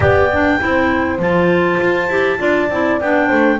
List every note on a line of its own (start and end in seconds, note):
0.00 0.58 B3
0.00 0.30 G4
0.00 0.60 D5
0.00 1.19 G5
0.32 0.59 D4
0.59 1.19 C4
0.59 1.19 E4
0.59 2.40 C5
1.19 1.79 F3
1.19 2.09 F4
1.19 3.00 A5
1.80 2.09 F4
2.09 2.39 E4
2.09 2.38 G4
2.38 2.69 D4
2.38 2.68 F4
2.38 3.28 D5
2.69 3.00 C4
2.69 3.01 E4
3.00 3.30 B3
3.00 3.59 D4
3.00 3.59 G5
3.28 3.59 A3
3.28 3.58 C5